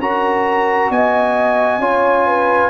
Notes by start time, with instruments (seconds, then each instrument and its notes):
0.00 tuba C#4, trombone F#4, horn A#4, trumpet A#5
0.90 tuba B3, horn D#5, trumpet G#5
1.79 tuba C#4, trombone F4, horn C#5
2.27 horn B4